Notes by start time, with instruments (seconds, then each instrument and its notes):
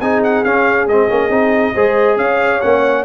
0.00 tuba C4, trombone D#4, horn G#4, trumpet G#5
0.23 trumpet F#5
0.44 tuba C#4, trombone C#4, trumpet F5
0.86 tuba G#3, trombone C4, trumpet D#5
1.09 tuba A#3, trombone C#4
1.29 tuba C4, trombone D#4
1.74 tuba G#3, trombone G#4, horn C5
2.16 tuba C#4, horn C#5, trumpet F5
2.61 tuba A#3, trombone C#4, trumpet F#5